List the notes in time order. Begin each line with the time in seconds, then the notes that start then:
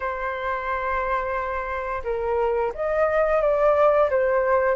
0.00 C5
2.04 A#4
2.74 D#5
3.41 D5
4.10 C5